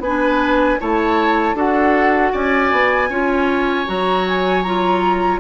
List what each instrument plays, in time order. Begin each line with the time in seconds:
0.00 bassoon B3, oboe B4, flute G#5
0.07 clarinet D4
0.80 bassoon A3, clarinet E4, oboe C#5, flute A5
1.54 bassoon D4, clarinet F#4, oboe A4, flute F#5
2.32 bassoon C#4, oboe D5, flute G#5
2.72 bassoon B3
3.10 bassoon C#4, clarinet F4, oboe C#5
3.86 bassoon F#3, clarinet F#4, flute A#5
4.28 flute G#5
4.63 clarinet F4, flute A#5